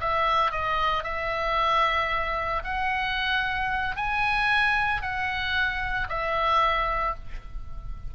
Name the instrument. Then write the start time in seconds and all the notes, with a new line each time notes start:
oboe
0.00 E5
0.51 D#5
1.04 E5
2.64 F#5
3.96 G#5
5.02 F#5
6.09 E5